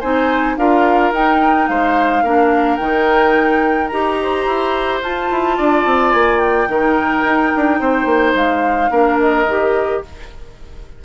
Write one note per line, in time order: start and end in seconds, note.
0.00 0.57 C4
0.00 0.58 D#4
0.00 0.56 C5
0.00 0.56 G#5
0.57 1.12 D4
0.57 1.13 F4
0.57 1.70 A#4
0.57 1.13 F5
1.12 1.68 D#4
1.12 2.25 D#4
1.12 1.68 G5
1.68 2.23 G#3
1.68 2.23 C5
1.68 2.76 F5
2.23 2.79 A#3
2.23 2.80 D4
2.23 4.17 A#4
2.76 3.90 D#3
2.76 3.91 D#4
2.76 3.87 G5
3.87 4.46 D#4
3.87 5.02 G4
3.87 4.99 A#5
4.22 5.57 C5
4.46 5.02 E4
5.02 5.30 F4
5.02 6.69 F4
5.02 6.11 A5
5.31 5.58 E4
5.57 5.86 D4
5.57 6.69 D5
5.86 6.13 C4
6.11 6.68 A#3
6.11 6.39 G#5
6.39 8.33 G5
6.68 7.23 D#3
6.68 8.90 D#4
6.68 7.80 A#4
7.24 7.52 D#4
7.56 7.80 D4
7.80 8.05 C4
7.80 8.91 C5
8.05 8.33 A#3
8.34 8.90 G#3
8.34 9.19 F5
8.90 9.46 A#3
8.90 9.46 D4
8.90 10.02 A#4
9.20 10.03 D#5
9.46 10.02 D#3
9.46 10.04 G4